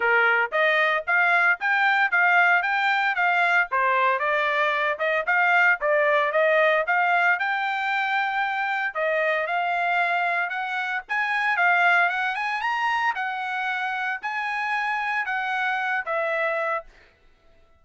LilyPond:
\new Staff \with { instrumentName = "trumpet" } { \time 4/4 \tempo 4 = 114 ais'4 dis''4 f''4 g''4 | f''4 g''4 f''4 c''4 | d''4. dis''8 f''4 d''4 | dis''4 f''4 g''2~ |
g''4 dis''4 f''2 | fis''4 gis''4 f''4 fis''8 gis''8 | ais''4 fis''2 gis''4~ | gis''4 fis''4. e''4. | }